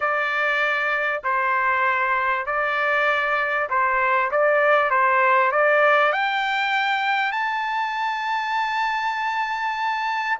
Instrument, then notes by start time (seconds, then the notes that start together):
trumpet
0.00 D5
1.23 C5
2.46 D5
3.69 C5
4.31 D5
4.90 C5
5.51 D5
6.12 G5
7.32 A5